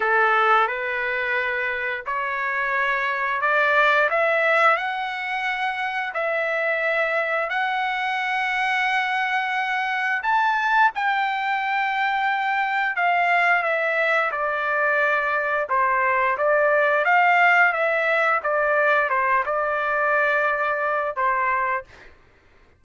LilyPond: \new Staff \with { instrumentName = "trumpet" } { \time 4/4 \tempo 4 = 88 a'4 b'2 cis''4~ | cis''4 d''4 e''4 fis''4~ | fis''4 e''2 fis''4~ | fis''2. a''4 |
g''2. f''4 | e''4 d''2 c''4 | d''4 f''4 e''4 d''4 | c''8 d''2~ d''8 c''4 | }